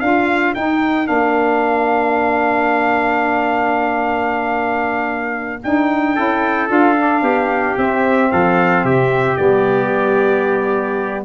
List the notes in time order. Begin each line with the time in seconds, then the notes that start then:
0.00 D4 F4 A#4 F5
0.54 D#4 G5
1.04 A#3 D4 F5
5.63 D4 D#4 G5
6.15 C#4 E4 A4
6.68 D4 F4 F5
6.96 D4
7.22 B3 G4
7.77 C4 E5
8.31 F3 A4 F5
8.84 C3 G4 E5
9.37 G3 B3 D5